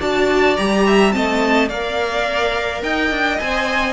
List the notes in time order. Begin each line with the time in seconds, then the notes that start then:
0.00 D4 F#4 D5 A5
0.57 G3 G4 A#5
0.87 E5
1.12 A3 C4 D#5 A5
1.69 A#3 A#4 D5 F5
2.83 D#4 D#5 G5
3.11 D4
3.40 C4 C5 G#5